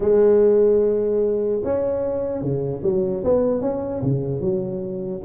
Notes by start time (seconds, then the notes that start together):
0.00 G#3
1.64 C#4
2.42 C#3
2.83 F#3
3.24 B3
3.61 C#4
4.02 C#3
4.40 F#3